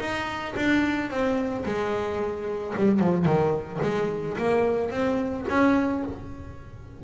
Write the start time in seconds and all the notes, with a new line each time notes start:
0.00 D#4
0.57 D4
1.10 C4
1.66 G#3
2.77 G3
3.00 F3
3.26 D#3
3.83 G#3
4.38 A#3
4.91 C4
5.49 C#4